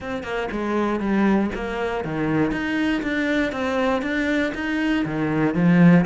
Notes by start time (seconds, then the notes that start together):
0.00 C4
0.23 A#3
0.51 G#3
0.99 G3
1.54 A#3
2.04 D#3
2.51 D#4
3.02 D4
3.52 C4
4.02 D4
4.54 D#4
5.05 D#3
5.54 F3